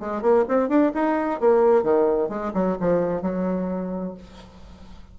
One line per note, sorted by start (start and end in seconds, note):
0.00 0.22 G#3
0.22 0.45 A#3
0.49 0.69 C4
0.69 0.92 D4
0.94 1.41 D#4
1.41 1.83 A#3
1.83 2.29 D#3
2.30 2.53 G#3
2.54 2.77 F#3
2.80 3.22 F3
3.22 4.15 F#3